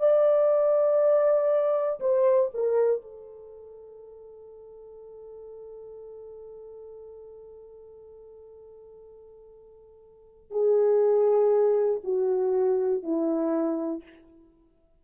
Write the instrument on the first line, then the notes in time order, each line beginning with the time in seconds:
horn
0.00 D5
2.00 C5
2.54 A#4
3.02 A4
10.51 G#4
12.04 F#4
13.03 E4